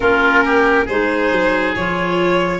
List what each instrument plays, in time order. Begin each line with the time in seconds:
0.00 tuba A#3, clarinet C#4, oboe F4, violin A#4
0.44 oboe G4
0.85 tuba G#3, clarinet D#4, oboe G#4, violin C5
1.31 tuba F#3
1.75 tuba F3, clarinet F4, violin C#5